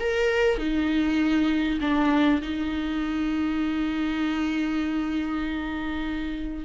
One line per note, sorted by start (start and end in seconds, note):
0.00 0.58 A#4
0.58 1.80 D#4
1.81 2.42 D4
2.42 6.65 D#4